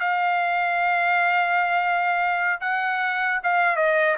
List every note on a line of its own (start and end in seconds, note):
0.00 2.60 F5
2.61 3.41 F#5
3.44 3.76 F5
3.76 4.16 D#5